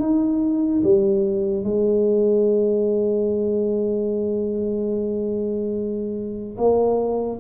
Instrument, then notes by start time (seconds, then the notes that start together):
tuba
0.00 D#4
0.83 G3
1.64 G#3
6.58 A#3